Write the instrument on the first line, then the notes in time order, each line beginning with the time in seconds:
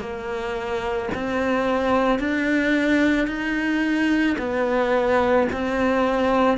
cello
0.00 A#3
1.15 C4
2.20 D4
3.27 D#4
4.38 B3
5.53 C4